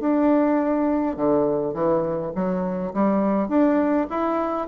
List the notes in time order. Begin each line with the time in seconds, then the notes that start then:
0.00 D4
1.17 D3
1.74 E3
2.35 F#3
2.94 G3
3.49 D4
4.10 E4